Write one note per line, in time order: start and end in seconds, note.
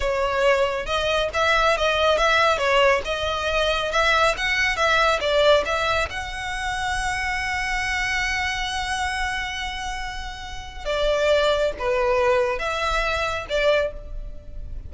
0.00 0.85 C#5
0.85 1.29 D#5
1.33 1.77 E5
1.77 2.17 D#5
2.17 2.58 E5
2.58 3.01 C#5
3.04 3.91 D#5
3.91 4.35 E5
4.37 4.76 F#5
4.76 5.19 E5
5.20 5.63 D5
5.65 6.08 E5
6.10 10.85 F#5
10.85 11.72 D5
11.78 12.58 B4
12.58 13.45 E5
13.49 13.92 D5